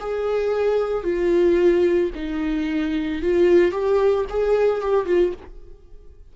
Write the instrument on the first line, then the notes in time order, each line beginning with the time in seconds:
viola
0.00 G#4
1.03 F4
2.15 D#4
3.22 F4
3.72 G4
4.30 G#4
4.81 G4
5.06 F4